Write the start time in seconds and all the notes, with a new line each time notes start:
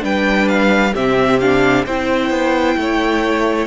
0.00 G3 D4 B4 G5
0.48 F5
0.94 C3 C4 G4 E5
1.39 D4 F5
1.86 C4 E4 C5 G5
2.30 B3
2.77 A3 C#5